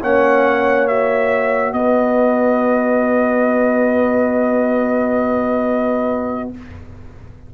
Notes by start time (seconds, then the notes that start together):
0.00 A#3 C#4 C#5 F#5
0.87 F#4 E5
1.72 B3 B4 D#5